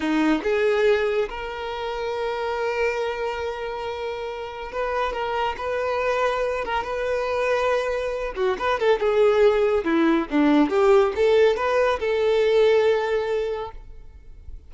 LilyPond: \new Staff \with { instrumentName = "violin" } { \time 4/4 \tempo 4 = 140 dis'4 gis'2 ais'4~ | ais'1~ | ais'2. b'4 | ais'4 b'2~ b'8 ais'8 |
b'2.~ b'8 fis'8 | b'8 a'8 gis'2 e'4 | d'4 g'4 a'4 b'4 | a'1 | }